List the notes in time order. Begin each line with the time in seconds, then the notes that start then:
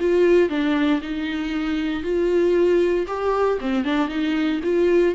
0.00 F4
0.49 D4
1.01 D#4
2.03 F4
3.07 G4
3.61 C4
3.84 D4
4.08 D#4
4.63 F4